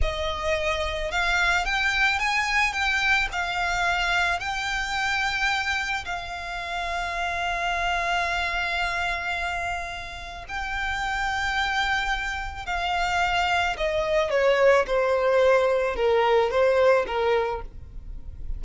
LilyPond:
\new Staff \with { instrumentName = "violin" } { \time 4/4 \tempo 4 = 109 dis''2 f''4 g''4 | gis''4 g''4 f''2 | g''2. f''4~ | f''1~ |
f''2. g''4~ | g''2. f''4~ | f''4 dis''4 cis''4 c''4~ | c''4 ais'4 c''4 ais'4 | }